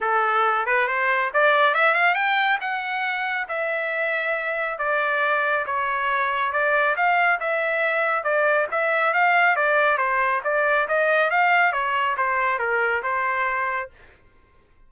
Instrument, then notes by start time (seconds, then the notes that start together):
trumpet
0.01 A4
0.66 B4
0.87 C5
1.33 D5
1.74 E5
1.94 F5
2.14 G5
2.60 F#5
3.48 E5
4.78 D5
5.66 C#5
6.52 D5
6.96 F5
7.39 E5
8.23 D5
8.71 E5
9.13 F5
9.56 D5
9.97 C5
10.44 D5
10.87 D#5
11.30 F5
11.72 C#5
12.17 C5
12.58 A#4
13.02 C5